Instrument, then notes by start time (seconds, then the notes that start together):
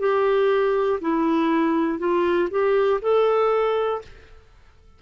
clarinet
0.00 G4
1.01 E4
1.99 F4
2.50 G4
3.01 A4